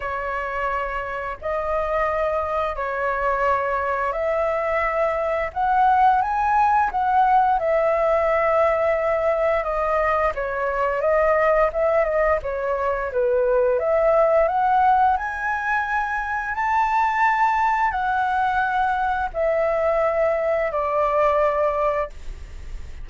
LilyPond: \new Staff \with { instrumentName = "flute" } { \time 4/4 \tempo 4 = 87 cis''2 dis''2 | cis''2 e''2 | fis''4 gis''4 fis''4 e''4~ | e''2 dis''4 cis''4 |
dis''4 e''8 dis''8 cis''4 b'4 | e''4 fis''4 gis''2 | a''2 fis''2 | e''2 d''2 | }